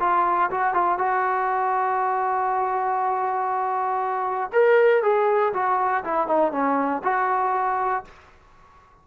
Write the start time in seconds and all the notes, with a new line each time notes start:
0.00 F4
0.51 F#4
0.74 F4
0.98 F#4
4.53 A#4
5.03 G#4
5.54 F#4
6.05 E4
6.28 D#4
6.52 C#4
7.04 F#4